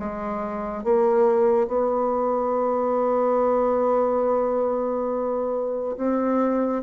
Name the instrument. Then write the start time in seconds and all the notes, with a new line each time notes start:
bassoon
0.00 G#3
0.84 A#3
1.68 B3
5.97 C4